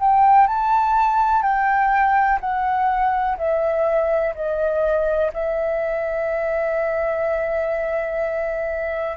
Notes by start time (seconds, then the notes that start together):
0.00 G5
0.48 A5
1.43 G5
2.41 F#5
3.38 E5
4.35 D#5
5.34 E5